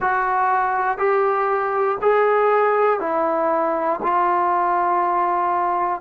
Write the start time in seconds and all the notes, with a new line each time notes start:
0.00 F#4
0.98 G4
2.01 G#4
3.00 E4
4.02 F4